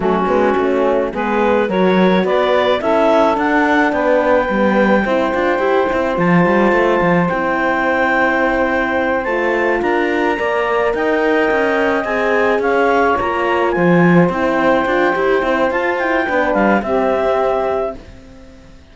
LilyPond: <<
  \new Staff \with { instrumentName = "clarinet" } { \time 4/4 \tempo 4 = 107 fis'2 b'4 cis''4 | d''4 e''4 fis''4 g''4~ | g''2. a''4~ | a''4 g''2.~ |
g''8 a''4 ais''2 g''8~ | g''4. gis''4 f''4 ais''8~ | ais''8 gis''4 g''2~ g''8 | a''8 g''4 f''8 e''2 | }
  \new Staff \with { instrumentName = "saxophone" } { \time 4/4 cis'2 gis'4 ais'4 | b'4 a'2 b'4~ | b'4 c''2.~ | c''1~ |
c''4. ais'4 d''4 dis''8~ | dis''2~ dis''8 cis''4.~ | cis''8 c''2.~ c''8~ | c''4 b'4 g'2 | }
  \new Staff \with { instrumentName = "horn" } { \time 4/4 a8 b8 cis'4 b4 fis'4~ | fis'4 e'4 d'2 | b4 e'8 f'8 g'8 e'8 f'4~ | f'4 e'2.~ |
e'8 f'2 ais'4.~ | ais'4. gis'2 f'8~ | f'4. e'4 f'8 g'8 e'8 | f'8 e'8 d'4 c'2 | }
  \new Staff \with { instrumentName = "cello" } { \time 4/4 fis8 gis8 a4 gis4 fis4 | b4 cis'4 d'4 b4 | g4 c'8 d'8 e'8 c'8 f8 g8 | a8 f8 c'2.~ |
c'8 a4 d'4 ais4 dis'8~ | dis'8 cis'4 c'4 cis'4 ais8~ | ais8 f4 c'4 d'8 e'8 c'8 | f'4 b8 g8 c'2 | }
>>